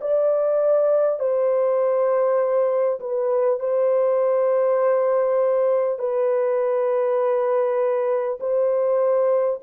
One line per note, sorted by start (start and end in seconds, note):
0.00 1.19 D5
1.19 2.99 C5
2.99 3.59 B4
3.59 5.98 C5
5.98 8.38 B4
8.40 9.60 C5